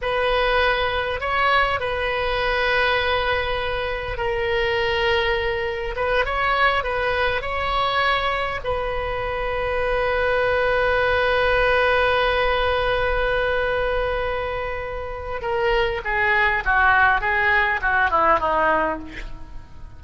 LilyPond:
\new Staff \with { instrumentName = "oboe" } { \time 4/4 \tempo 4 = 101 b'2 cis''4 b'4~ | b'2. ais'4~ | ais'2 b'8 cis''4 b'8~ | b'8 cis''2 b'4.~ |
b'1~ | b'1~ | b'2 ais'4 gis'4 | fis'4 gis'4 fis'8 e'8 dis'4 | }